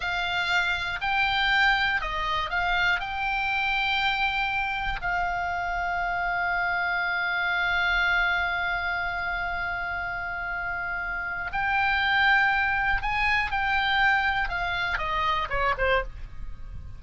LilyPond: \new Staff \with { instrumentName = "oboe" } { \time 4/4 \tempo 4 = 120 f''2 g''2 | dis''4 f''4 g''2~ | g''2 f''2~ | f''1~ |
f''1~ | f''2. g''4~ | g''2 gis''4 g''4~ | g''4 f''4 dis''4 cis''8 c''8 | }